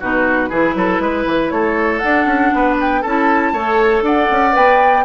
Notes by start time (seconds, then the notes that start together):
0.00 B2 D#4 F#4 B4
0.49 E3 E4 G#4
0.75 F#3 A4
0.99 G#3 B4
1.27 E3
1.50 A3 A4 C#5
1.99 D4 F#5
2.26 C#4
2.54 B3 B4
2.80 G5
3.02 C#4 E4 A4 A5
3.53 A3 A4 C#5
4.02 D4 D5 F#5
4.31 C#4
4.52 B3 B4 G5